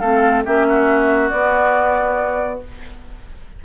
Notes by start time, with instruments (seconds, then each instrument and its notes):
0.00 bassoon A3, clarinet C4, oboe A4, flute F5
0.45 bassoon A#3, clarinet C#4, oboe G4, flute E5
0.69 oboe F#4
1.30 bassoon B3, clarinet B3, flute D5